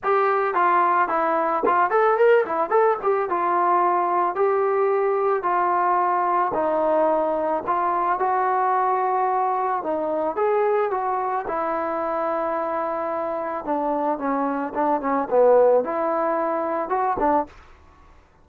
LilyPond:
\new Staff \with { instrumentName = "trombone" } { \time 4/4 \tempo 4 = 110 g'4 f'4 e'4 f'8 a'8 | ais'8 e'8 a'8 g'8 f'2 | g'2 f'2 | dis'2 f'4 fis'4~ |
fis'2 dis'4 gis'4 | fis'4 e'2.~ | e'4 d'4 cis'4 d'8 cis'8 | b4 e'2 fis'8 d'8 | }